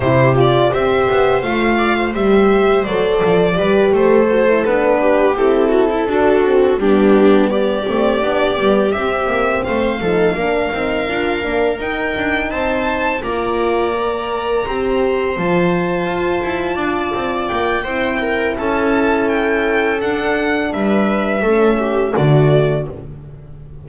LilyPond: <<
  \new Staff \with { instrumentName = "violin" } { \time 4/4 \tempo 4 = 84 c''8 d''8 e''4 f''4 e''4 | d''4. c''4 b'4 a'8~ | a'4. g'4 d''4.~ | d''8 e''4 f''2~ f''8~ |
f''8 g''4 a''4 ais''4.~ | ais''4. a''2~ a''8~ | a''8 g''4. a''4 g''4 | fis''4 e''2 d''4 | }
  \new Staff \with { instrumentName = "viola" } { \time 4/4 g'4 c''4. d''16 c''4~ c''16~ | c''4 b'8 a'4. g'4 | fis'16 e'16 fis'4 d'4 g'4.~ | g'4. c''8 a'8 ais'4.~ |
ais'4. c''4 d''4.~ | d''8 c''2. d''8~ | d''4 c''8 ais'8 a'2~ | a'4 b'4 a'8 g'8 fis'4 | }
  \new Staff \with { instrumentName = "horn" } { \time 4/4 e'8 f'8 g'4 f'4 g'4 | a'4 g'4 fis'16 e'16 d'4 e'8~ | e'8 d'8 c'8 b4. c'8 d'8 | b8 c'4. dis'8 d'8 dis'8 f'8 |
d'8 dis'2 f'4 ais'8~ | ais'8 g'4 f'2~ f'8~ | f'4 e'2. | d'2 cis'4 a4 | }
  \new Staff \with { instrumentName = "double bass" } { \time 4/4 c4 c'8 b8 a4 g4 | fis8 f8 g8 a4 b4 c'8~ | c'8 d'4 g4. a8 b8 | g8 c'8 ais8 a8 f8 ais8 c'8 d'8 |
ais8 dis'8 d'8 c'4 ais4.~ | ais8 c'4 f4 f'8 e'8 d'8 | c'8 ais8 c'4 cis'2 | d'4 g4 a4 d4 | }
>>